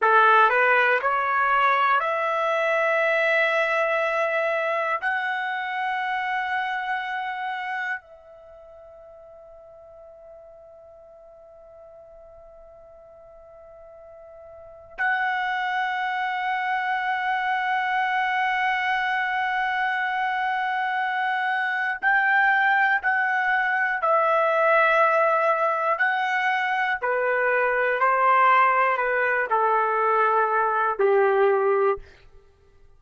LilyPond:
\new Staff \with { instrumentName = "trumpet" } { \time 4/4 \tempo 4 = 60 a'8 b'8 cis''4 e''2~ | e''4 fis''2. | e''1~ | e''2. fis''4~ |
fis''1~ | fis''2 g''4 fis''4 | e''2 fis''4 b'4 | c''4 b'8 a'4. g'4 | }